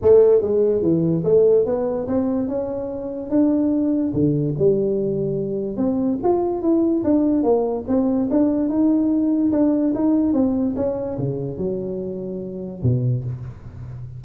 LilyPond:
\new Staff \with { instrumentName = "tuba" } { \time 4/4 \tempo 4 = 145 a4 gis4 e4 a4 | b4 c'4 cis'2 | d'2 d4 g4~ | g2 c'4 f'4 |
e'4 d'4 ais4 c'4 | d'4 dis'2 d'4 | dis'4 c'4 cis'4 cis4 | fis2. b,4 | }